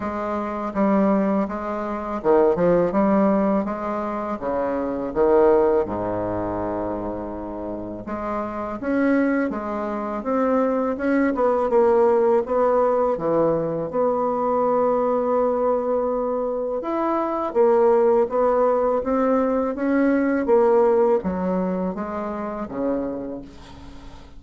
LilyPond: \new Staff \with { instrumentName = "bassoon" } { \time 4/4 \tempo 4 = 82 gis4 g4 gis4 dis8 f8 | g4 gis4 cis4 dis4 | gis,2. gis4 | cis'4 gis4 c'4 cis'8 b8 |
ais4 b4 e4 b4~ | b2. e'4 | ais4 b4 c'4 cis'4 | ais4 fis4 gis4 cis4 | }